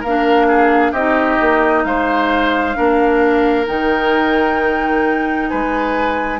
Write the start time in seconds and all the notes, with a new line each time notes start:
0.00 A#3 A#4 F5
0.07 D4
0.48 G#4
0.91 C4 D#4 G4 D#5
1.41 A#3
1.84 G#3 C5 F5
2.74 A#3 D4 A#4
3.66 D#3 D#4 G5
5.49 G#3 B4 G#5